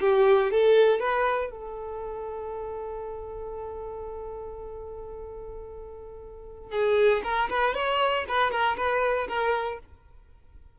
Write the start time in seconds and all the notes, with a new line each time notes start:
0.00 G4
0.51 A4
1.00 B4
1.51 A4
6.71 G#4
7.24 A#4
7.50 B4
7.74 C#5
8.28 B4
8.51 A#4
8.77 B4
9.28 A#4